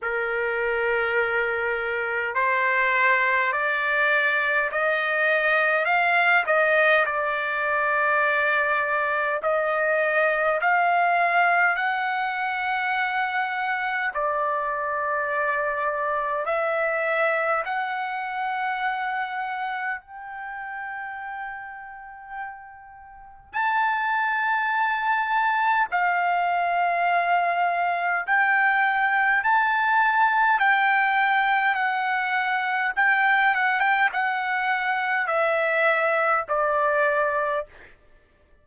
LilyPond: \new Staff \with { instrumentName = "trumpet" } { \time 4/4 \tempo 4 = 51 ais'2 c''4 d''4 | dis''4 f''8 dis''8 d''2 | dis''4 f''4 fis''2 | d''2 e''4 fis''4~ |
fis''4 g''2. | a''2 f''2 | g''4 a''4 g''4 fis''4 | g''8 fis''16 g''16 fis''4 e''4 d''4 | }